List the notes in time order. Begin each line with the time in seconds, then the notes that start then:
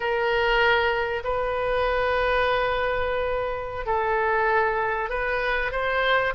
0.00 A#4
1.24 B4
3.85 A4
5.09 B4
5.71 C5